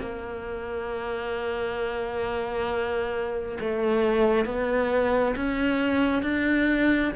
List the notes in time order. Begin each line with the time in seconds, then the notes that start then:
0.00 A#3
3.61 A3
4.45 B3
5.36 C#4
6.23 D4